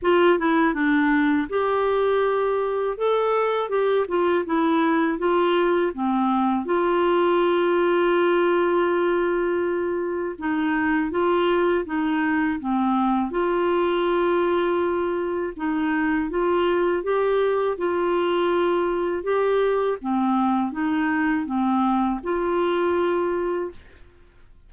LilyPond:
\new Staff \with { instrumentName = "clarinet" } { \time 4/4 \tempo 4 = 81 f'8 e'8 d'4 g'2 | a'4 g'8 f'8 e'4 f'4 | c'4 f'2.~ | f'2 dis'4 f'4 |
dis'4 c'4 f'2~ | f'4 dis'4 f'4 g'4 | f'2 g'4 c'4 | dis'4 c'4 f'2 | }